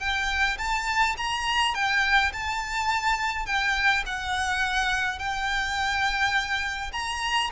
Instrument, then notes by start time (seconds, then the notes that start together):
violin
0.00 G5
0.58 A5
1.17 A#5
1.75 G5
2.33 A5
3.46 G5
4.06 F#5
5.19 G5
6.93 A#5